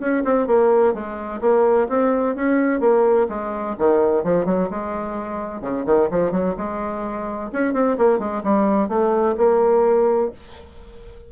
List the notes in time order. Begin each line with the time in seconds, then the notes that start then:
0.00 C#4
0.25 C4
0.47 A#3
0.94 G#3
1.41 A#3
1.89 C4
2.36 C#4
2.81 A#3
3.29 G#3
3.79 D#3
4.24 F3
4.46 F#3
4.71 G#3
5.62 C#3
5.86 D#3
6.11 F3
6.32 F#3
6.57 G#3
7.53 C#4
7.74 C4
7.98 A#3
8.19 G#3
8.44 G3
8.89 A3
9.38 A#3